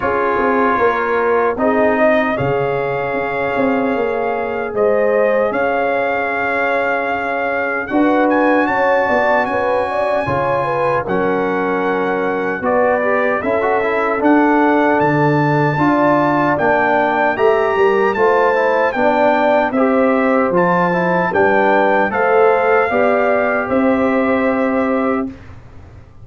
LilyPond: <<
  \new Staff \with { instrumentName = "trumpet" } { \time 4/4 \tempo 4 = 76 cis''2 dis''4 f''4~ | f''2 dis''4 f''4~ | f''2 fis''8 gis''8 a''4 | gis''2 fis''2 |
d''4 e''4 fis''4 a''4~ | a''4 g''4 ais''4 a''4 | g''4 e''4 a''4 g''4 | f''2 e''2 | }
  \new Staff \with { instrumentName = "horn" } { \time 4/4 gis'4 ais'4 gis'8 dis''8 cis''4~ | cis''2 c''4 cis''4~ | cis''2 b'4 cis''8 d''8 | b'8 d''8 cis''8 b'8 ais'2 |
b'4 a'2. | d''2 e''8 ais'8 c''4 | d''4 c''2 b'4 | c''4 d''4 c''2 | }
  \new Staff \with { instrumentName = "trombone" } { \time 4/4 f'2 dis'4 gis'4~ | gis'1~ | gis'2 fis'2~ | fis'4 f'4 cis'2 |
fis'8 g'8 e'16 fis'16 e'8 d'2 | f'4 d'4 g'4 f'8 e'8 | d'4 g'4 f'8 e'8 d'4 | a'4 g'2. | }
  \new Staff \with { instrumentName = "tuba" } { \time 4/4 cis'8 c'8 ais4 c'4 cis4 | cis'8 c'8 ais4 gis4 cis'4~ | cis'2 d'4 cis'8 b8 | cis'4 cis4 fis2 |
b4 cis'4 d'4 d4 | d'4 ais4 a8 g8 a4 | b4 c'4 f4 g4 | a4 b4 c'2 | }
>>